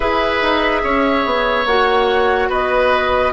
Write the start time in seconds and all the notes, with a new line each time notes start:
0.00 E4 G#4 B4 E5
0.41 D#4
0.83 C#4 C#5
1.25 B3
1.65 A#3 F#4 F#5
2.49 B3 B4 D#5